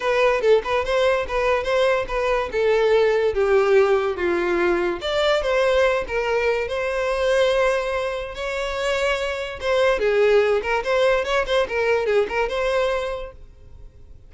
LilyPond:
\new Staff \with { instrumentName = "violin" } { \time 4/4 \tempo 4 = 144 b'4 a'8 b'8 c''4 b'4 | c''4 b'4 a'2 | g'2 f'2 | d''4 c''4. ais'4. |
c''1 | cis''2. c''4 | gis'4. ais'8 c''4 cis''8 c''8 | ais'4 gis'8 ais'8 c''2 | }